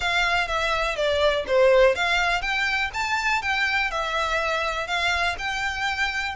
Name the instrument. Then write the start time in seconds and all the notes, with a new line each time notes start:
violin
0.00 F5
0.47 E5
0.96 D5
1.47 C5
1.95 F5
2.41 G5
2.93 A5
3.42 G5
3.90 E5
4.87 F5
5.38 G5